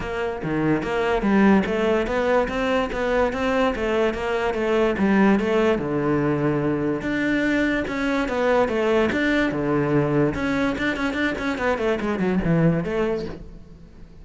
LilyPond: \new Staff \with { instrumentName = "cello" } { \time 4/4 \tempo 4 = 145 ais4 dis4 ais4 g4 | a4 b4 c'4 b4 | c'4 a4 ais4 a4 | g4 a4 d2~ |
d4 d'2 cis'4 | b4 a4 d'4 d4~ | d4 cis'4 d'8 cis'8 d'8 cis'8 | b8 a8 gis8 fis8 e4 a4 | }